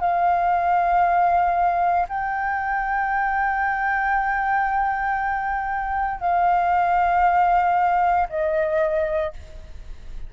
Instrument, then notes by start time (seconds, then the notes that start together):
flute
0.00 F5
2.08 G5
6.20 F5
8.29 D#5